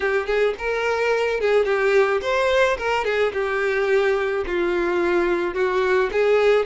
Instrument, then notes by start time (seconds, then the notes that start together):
violin
0.00 G4
0.26 G#4
0.58 A#4
1.40 G#4
1.65 G4
2.21 C5
2.77 A#4
3.04 G#4
3.33 G4
4.46 F4
5.54 F#4
6.12 G#4